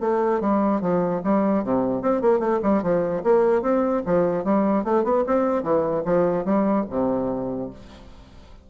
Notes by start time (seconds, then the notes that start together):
0.00 A3
0.40 G3
0.81 F3
1.24 G3
1.64 C3
2.02 C4
2.21 A#3
2.39 A3
2.63 G3
2.82 F3
3.23 A#3
3.62 C4
4.06 F3
4.44 G3
4.84 A3
5.04 B3
5.27 C4
5.63 E3
6.05 F3
6.45 G3
6.90 C3